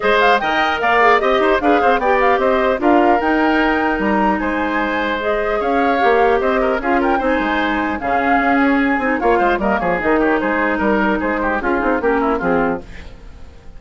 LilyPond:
<<
  \new Staff \with { instrumentName = "flute" } { \time 4/4 \tempo 4 = 150 dis''8 f''8 g''4 f''4 dis''4 | f''4 g''8 f''8 dis''4 f''4 | g''2 ais''4 gis''4~ | gis''4 dis''4 f''2 |
dis''4 f''8 g''8 gis''2 | f''4. cis''8 gis''4 f''4 | dis''8 cis''8 dis''8 cis''8 c''4 ais'4 | c''4 gis'4 ais'4 gis'4 | }
  \new Staff \with { instrumentName = "oboe" } { \time 4/4 c''4 dis''4 d''4 dis''8 c''8 | b'8 c''8 d''4 c''4 ais'4~ | ais'2. c''4~ | c''2 cis''2 |
c''8 ais'8 gis'8 ais'8 c''2 | gis'2. cis''8 c''8 | ais'8 gis'4 g'8 gis'4 ais'4 | gis'8 g'8 f'4 g'8 e'8 f'4 | }
  \new Staff \with { instrumentName = "clarinet" } { \time 4/4 gis'4 ais'4. gis'8 g'4 | gis'4 g'2 f'4 | dis'1~ | dis'4 gis'2 g'4~ |
g'4 f'4 dis'2 | cis'2~ cis'8 dis'8 f'4 | ais4 dis'2.~ | dis'4 f'8 dis'8 cis'4 c'4 | }
  \new Staff \with { instrumentName = "bassoon" } { \time 4/4 gis4 dis4 ais4 c'8 dis'8 | d'8 c'8 b4 c'4 d'4 | dis'2 g4 gis4~ | gis2 cis'4 ais4 |
c'4 cis'4 c'8 gis4. | cis4 cis'4. c'8 ais8 gis8 | g8 f8 dis4 gis4 g4 | gis4 cis'8 c'8 ais4 f4 | }
>>